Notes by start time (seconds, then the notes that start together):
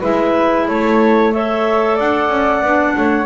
0.00 G#3 E4 B4 E5
0.68 A3 A4 C#5
1.33 A4 C#5 E5
1.95 D4 D5 F#5
2.29 C#4
2.62 B3 D4
2.97 A3 C#5